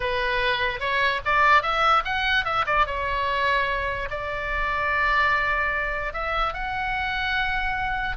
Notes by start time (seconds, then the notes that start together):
0.00 B4
0.80 C#5
1.25 D5
1.62 E5
2.05 F#5
2.45 E5
2.66 D5
2.86 C#5
4.10 D5
6.13 E5
6.53 F#5